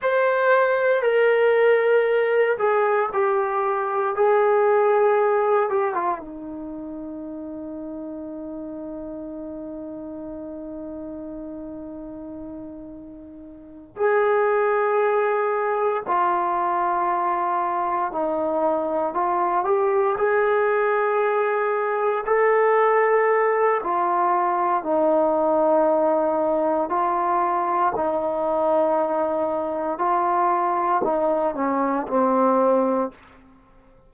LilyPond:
\new Staff \with { instrumentName = "trombone" } { \time 4/4 \tempo 4 = 58 c''4 ais'4. gis'8 g'4 | gis'4. g'16 f'16 dis'2~ | dis'1~ | dis'4. gis'2 f'8~ |
f'4. dis'4 f'8 g'8 gis'8~ | gis'4. a'4. f'4 | dis'2 f'4 dis'4~ | dis'4 f'4 dis'8 cis'8 c'4 | }